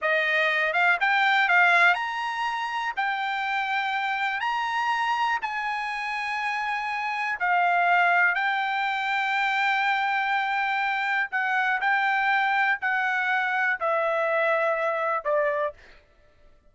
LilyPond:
\new Staff \with { instrumentName = "trumpet" } { \time 4/4 \tempo 4 = 122 dis''4. f''8 g''4 f''4 | ais''2 g''2~ | g''4 ais''2 gis''4~ | gis''2. f''4~ |
f''4 g''2.~ | g''2. fis''4 | g''2 fis''2 | e''2. d''4 | }